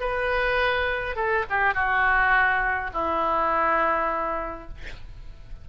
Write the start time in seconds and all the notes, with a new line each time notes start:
0.00 B4
1.15 A4
1.50 G4
1.74 F#4
2.93 E4